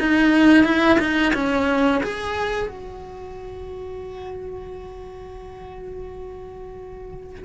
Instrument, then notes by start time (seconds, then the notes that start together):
cello
0.00 D#4
0.65 E4
0.99 D#4
1.34 C#4
2.04 G#4
2.68 F#4